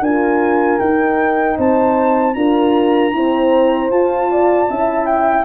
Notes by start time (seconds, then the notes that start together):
0.00 D4 F4 A#4 G#5
0.79 D#4 G5
1.57 C4 C5 A5
2.34 D4 F4 A#4 A#5
3.12 C4 E4 C5
3.90 F4 A5
4.31 D5
4.69 C#4 E4 E5
5.06 G5